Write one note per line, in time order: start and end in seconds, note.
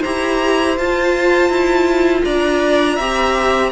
0.00 0.77 E4
0.00 0.78 G4
0.00 2.22 C5
0.00 0.77 A#5
0.77 1.49 F4
0.77 3.00 F4
0.77 2.24 A5
1.49 2.23 E4
2.24 2.98 D4
2.24 2.96 D5
2.24 3.72 A#5
2.96 3.72 C4
2.96 3.72 G4
2.96 3.70 E5